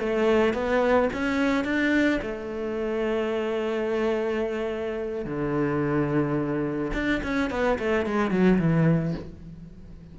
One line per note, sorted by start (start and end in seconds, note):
0.00 0.54 A3
0.54 1.10 B3
1.14 1.65 C#4
1.65 2.20 D4
2.23 5.26 A3
5.26 6.92 D3
6.94 7.22 D4
7.23 7.51 C#4
7.51 7.79 B3
7.79 8.07 A3
8.07 8.31 G#3
8.31 8.59 F#3
8.59 9.15 E3